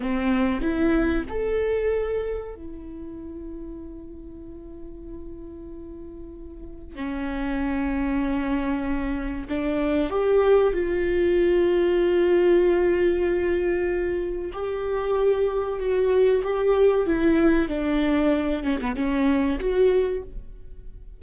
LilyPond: \new Staff \with { instrumentName = "viola" } { \time 4/4 \tempo 4 = 95 c'4 e'4 a'2 | e'1~ | e'2. cis'4~ | cis'2. d'4 |
g'4 f'2.~ | f'2. g'4~ | g'4 fis'4 g'4 e'4 | d'4. cis'16 b16 cis'4 fis'4 | }